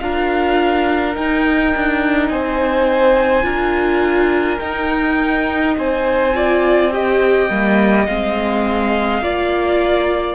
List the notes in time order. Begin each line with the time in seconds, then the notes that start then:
0.00 D4 F4 A#4 F5
1.14 D#4 G5
1.76 D4
2.29 C4 C5 G#5
3.43 D4 F4 A#4
4.59 D#4 G5
5.77 C4 C5 G#5
6.34 F4 D5
6.92 G4 D#5 G5
7.50 G3 A#3
8.07 G#3 C4 F5
9.22 A#3 F4 D5